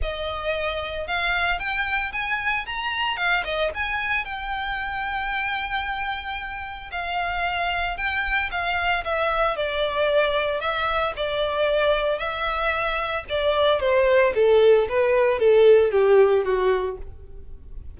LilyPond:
\new Staff \with { instrumentName = "violin" } { \time 4/4 \tempo 4 = 113 dis''2 f''4 g''4 | gis''4 ais''4 f''8 dis''8 gis''4 | g''1~ | g''4 f''2 g''4 |
f''4 e''4 d''2 | e''4 d''2 e''4~ | e''4 d''4 c''4 a'4 | b'4 a'4 g'4 fis'4 | }